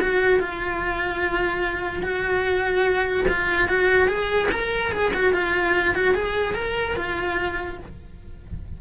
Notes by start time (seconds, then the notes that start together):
0.00 F#4
0.39 F4
2.02 F#4
3.28 F4
3.68 F#4
4.08 G#4
4.51 A#4
4.91 G#4
5.13 F#4
5.33 F4
5.95 F#4
6.14 G#4
6.54 A#4
6.96 F4